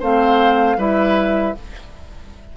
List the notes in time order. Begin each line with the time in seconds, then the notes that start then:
0.00 A3 C4 C5 F5
0.78 G3 E4 B4 E5